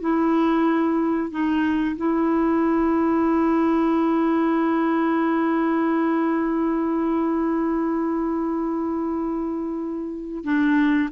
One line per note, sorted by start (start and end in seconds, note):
0.00 1.30 E4
1.30 1.96 D#4
1.96 10.44 E4
10.44 11.09 D4